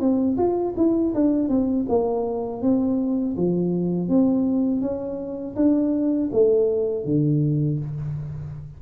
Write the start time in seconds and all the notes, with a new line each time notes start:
0.00 C4
0.37 F4
0.76 E4
1.15 D4
1.48 C4
1.89 A#3
2.62 C4
3.37 F3
4.09 C4
4.81 C#4
5.56 D4
6.32 A3
7.05 D3